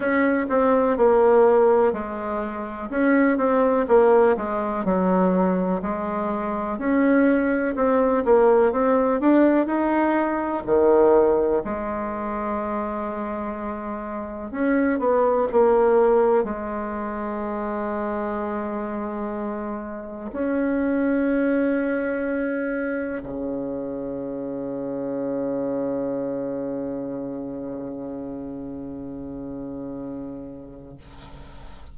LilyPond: \new Staff \with { instrumentName = "bassoon" } { \time 4/4 \tempo 4 = 62 cis'8 c'8 ais4 gis4 cis'8 c'8 | ais8 gis8 fis4 gis4 cis'4 | c'8 ais8 c'8 d'8 dis'4 dis4 | gis2. cis'8 b8 |
ais4 gis2.~ | gis4 cis'2. | cis1~ | cis1 | }